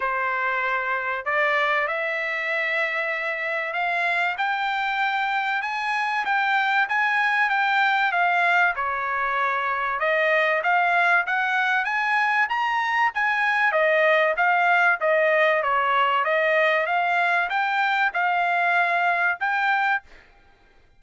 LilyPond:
\new Staff \with { instrumentName = "trumpet" } { \time 4/4 \tempo 4 = 96 c''2 d''4 e''4~ | e''2 f''4 g''4~ | g''4 gis''4 g''4 gis''4 | g''4 f''4 cis''2 |
dis''4 f''4 fis''4 gis''4 | ais''4 gis''4 dis''4 f''4 | dis''4 cis''4 dis''4 f''4 | g''4 f''2 g''4 | }